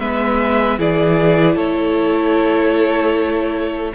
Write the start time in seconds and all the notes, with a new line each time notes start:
0.00 G#3 B3 B4 E5
0.79 E3 E4 G#4 D5
1.56 A3 A4 C#5